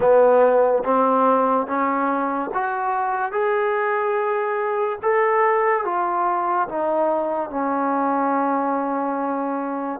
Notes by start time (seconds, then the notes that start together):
0.00 B3
0.83 C4
1.67 C#4
2.53 F#4
3.31 G#4
5.02 A4
5.84 F4
6.68 D#4
7.50 C#4